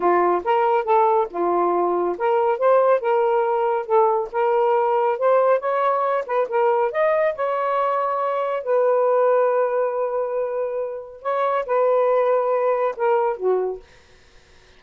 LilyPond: \new Staff \with { instrumentName = "saxophone" } { \time 4/4 \tempo 4 = 139 f'4 ais'4 a'4 f'4~ | f'4 ais'4 c''4 ais'4~ | ais'4 a'4 ais'2 | c''4 cis''4. b'8 ais'4 |
dis''4 cis''2. | b'1~ | b'2 cis''4 b'4~ | b'2 ais'4 fis'4 | }